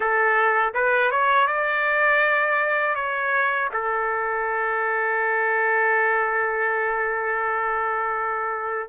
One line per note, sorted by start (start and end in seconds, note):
0.00 0.73 A4
0.74 1.11 B4
1.11 1.47 C#5
1.47 2.95 D5
2.95 3.69 C#5
3.73 8.89 A4